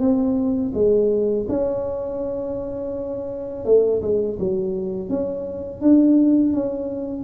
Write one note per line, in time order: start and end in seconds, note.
0.00 0.72 C4
0.75 1.47 G#3
1.49 3.66 C#4
3.66 4.02 A3
4.02 4.38 G#3
4.40 5.10 F#3
5.10 5.82 C#4
5.82 6.54 D4
6.54 7.25 C#4